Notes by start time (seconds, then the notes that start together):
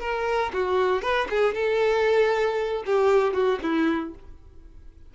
0.00 A#4
0.53 F#4
1.02 B4
1.30 G#4
1.54 A4
2.86 G4
3.33 F#4
3.63 E4